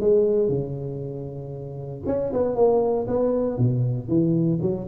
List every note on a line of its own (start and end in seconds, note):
0.00 0.48 G#3
0.48 2.02 C#3
2.06 2.32 C#4
2.33 2.55 B3
2.55 3.07 A#3
3.07 3.58 B3
3.58 4.08 B2
4.08 4.59 E3
4.61 4.87 F#3